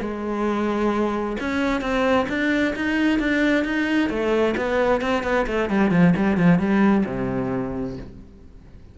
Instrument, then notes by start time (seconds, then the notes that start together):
cello
0.00 G#3
1.40 C#4
1.81 C4
2.29 D4
2.75 D#4
3.19 D4
3.64 D#4
4.09 A3
4.57 B3
5.01 C4
5.23 B3
5.47 A3
5.69 G3
5.91 F3
6.16 G3
6.37 F3
6.59 G3
7.06 C3